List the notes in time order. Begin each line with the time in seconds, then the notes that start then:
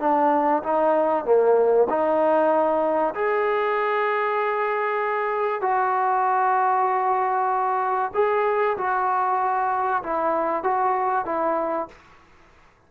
0.00 D4
0.63 D#4
1.25 A#3
1.89 D#4
3.15 G#4
5.61 F#4
8.14 G#4
8.78 F#4
10.03 E4
10.64 F#4
11.26 E4